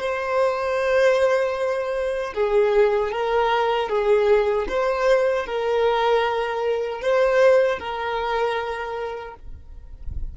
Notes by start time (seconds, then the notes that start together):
0.00 C5
2.34 G#4
3.12 A#4
3.89 G#4
4.69 C5
5.46 A#4
7.02 C5
7.79 A#4